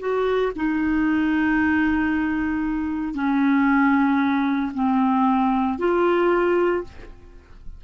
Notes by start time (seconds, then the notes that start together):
0.00 F#4
0.56 D#4
3.15 C#4
4.75 C4
5.79 F4